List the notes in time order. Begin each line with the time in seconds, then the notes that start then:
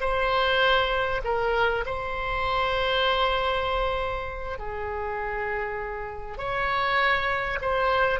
0.00 C5
1.24 A#4
1.85 C5
4.58 G#4
6.37 C#5
7.61 C5